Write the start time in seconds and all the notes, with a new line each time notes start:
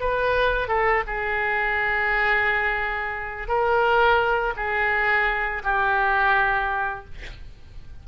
0.00 B4
0.68 A4
1.07 G#4
3.48 A#4
4.56 G#4
5.64 G4